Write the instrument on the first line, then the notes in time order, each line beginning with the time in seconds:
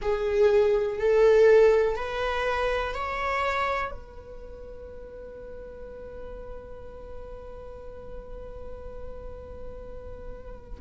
viola
0.01 G#4
0.98 A4
1.95 B4
2.94 C#5
3.91 B4